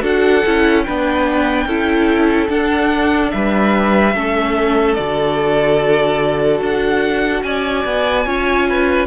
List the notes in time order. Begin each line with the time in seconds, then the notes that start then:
0.00 D4 F#4 A4 F#5
0.45 C#4 E4
0.83 B3 D4 B4 G5
1.66 C#4 E4 A4
2.48 D4 F#5
3.30 G3 B4 E5
4.14 A3 C#4 A4
4.94 D3 F#4 D5
6.61 D4 F#5
7.43 C#4 D5 G#5
7.85 B3
8.25 C#4 F4 C#5
8.68 B4